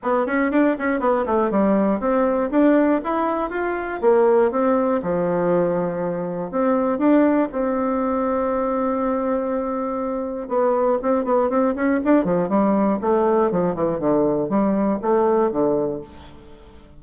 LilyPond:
\new Staff \with { instrumentName = "bassoon" } { \time 4/4 \tempo 4 = 120 b8 cis'8 d'8 cis'8 b8 a8 g4 | c'4 d'4 e'4 f'4 | ais4 c'4 f2~ | f4 c'4 d'4 c'4~ |
c'1~ | c'4 b4 c'8 b8 c'8 cis'8 | d'8 f8 g4 a4 f8 e8 | d4 g4 a4 d4 | }